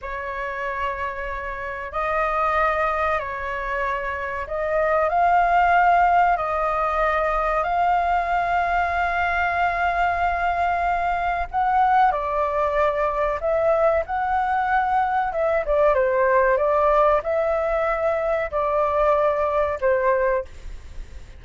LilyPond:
\new Staff \with { instrumentName = "flute" } { \time 4/4 \tempo 4 = 94 cis''2. dis''4~ | dis''4 cis''2 dis''4 | f''2 dis''2 | f''1~ |
f''2 fis''4 d''4~ | d''4 e''4 fis''2 | e''8 d''8 c''4 d''4 e''4~ | e''4 d''2 c''4 | }